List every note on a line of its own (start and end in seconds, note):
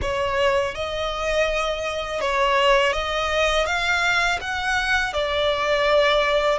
0.01 0.74 C#5
0.74 2.21 D#5
2.21 2.93 C#5
2.93 3.66 D#5
3.66 4.39 F5
4.40 5.13 F#5
5.13 6.58 D5